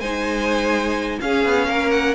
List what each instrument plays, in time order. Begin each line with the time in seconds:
0.00 cello G#3, viola D#4, violin C5 G#5
1.21 viola C#4, cello C#4, violin G#4 F5
1.45 cello B3
1.67 cello A#3, violin A#4
1.91 violin F#5